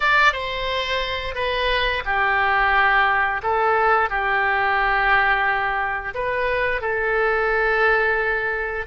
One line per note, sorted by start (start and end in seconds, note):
0.00 0.33 D5
0.33 1.35 C5
1.35 2.03 B4
2.05 3.41 G4
3.42 4.09 A4
4.09 6.14 G4
6.14 6.81 B4
6.81 8.85 A4